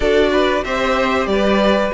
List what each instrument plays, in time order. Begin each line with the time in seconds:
0.00 cello D4, viola F#4, violin A4 D5
0.32 violin B4
0.64 cello C4, viola G4, violin C5 E5
1.26 cello G3, violin B4 D5